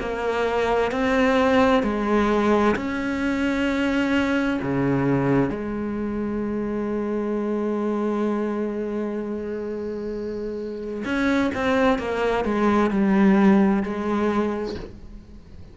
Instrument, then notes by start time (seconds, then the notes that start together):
cello
0.00 A#3
0.91 C4
1.83 G#3
2.76 C#4
4.62 C#3
5.50 G#3
11.05 C#4
11.55 C4
11.98 A#3
12.44 G#3
12.91 G3
13.83 G#3